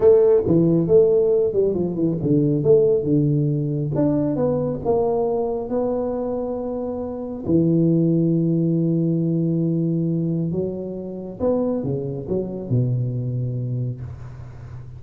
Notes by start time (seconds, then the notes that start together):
0.00 A3
0.47 E3
0.87 A3
1.53 G3
1.74 F3
1.95 E3
2.22 D3
2.63 A3
3.03 D3
3.95 D4
4.36 B3
4.85 A#3
5.69 B3
7.46 E3
10.51 F#3
11.40 B3
11.83 C#3
12.28 F#3
12.69 B2